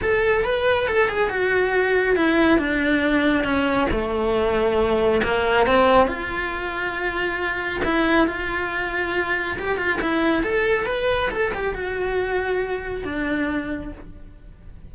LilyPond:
\new Staff \with { instrumentName = "cello" } { \time 4/4 \tempo 4 = 138 a'4 b'4 a'8 gis'8 fis'4~ | fis'4 e'4 d'2 | cis'4 a2. | ais4 c'4 f'2~ |
f'2 e'4 f'4~ | f'2 g'8 f'8 e'4 | a'4 b'4 a'8 g'8 fis'4~ | fis'2 d'2 | }